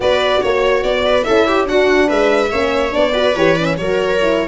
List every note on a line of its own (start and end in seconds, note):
0.00 0.42 B3
0.00 1.25 F#4
0.00 0.41 B4
0.00 0.42 D5
0.41 0.83 A#3
0.41 1.04 C#5
0.41 0.83 C#5
0.83 1.25 B3
0.83 1.23 D5
1.05 1.26 B4
1.23 1.68 C#4
1.23 1.66 E4
1.23 1.47 A4
1.23 1.65 E5
1.47 1.68 G4
1.66 2.50 D4
1.66 2.10 D4
1.66 2.07 F#4
1.66 2.09 F#5
2.07 2.52 G#3
2.07 2.49 B4
2.07 2.93 E5
2.51 2.94 A#3
2.51 2.91 C#4
2.51 3.12 C#5
2.91 3.35 B3
2.91 3.12 D4
2.91 3.36 D5
3.12 3.35 F#4
3.12 3.75 B4
3.35 3.77 E3
3.35 3.58 G4
3.35 3.56 C#5
3.56 3.78 C#4
3.56 3.64 D5
3.64 3.75 E5
3.77 4.48 F#3
3.77 4.20 F#4
3.77 4.48 A#4
3.77 4.48 C#5
4.21 4.48 E4